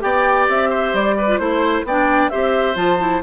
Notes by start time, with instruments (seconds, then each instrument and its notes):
0.00 bassoon B3, clarinet G4, oboe D5, flute G5
0.49 bassoon C4, flute E5
0.70 oboe C5
0.94 bassoon G3, flute D5
1.18 oboe B4
1.28 clarinet F4
1.38 bassoon A3, clarinet E4, flute C5, oboe C5
1.85 bassoon B3, clarinet D4, oboe D5, flute G5
2.30 bassoon C4, clarinet G4, oboe C5, flute E5
2.75 bassoon F3, clarinet F4, flute A5
2.99 clarinet E4